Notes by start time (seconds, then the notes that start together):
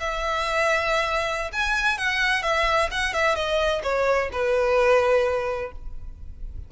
0.00 E5
1.53 G#5
1.98 F#5
2.43 E5
2.91 F#5
3.14 E5
3.36 D#5
3.83 C#5
4.33 B4